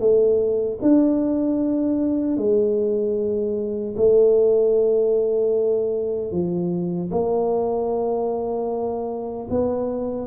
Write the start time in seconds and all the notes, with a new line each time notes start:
0.00 A3
0.83 D4
2.38 G#3
3.97 A3
6.32 F3
7.12 A#3
9.51 B3